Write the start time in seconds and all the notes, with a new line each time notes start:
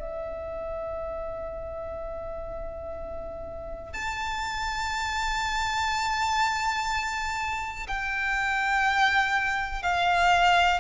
0.00 E5
3.93 A5
7.87 G5
9.83 F5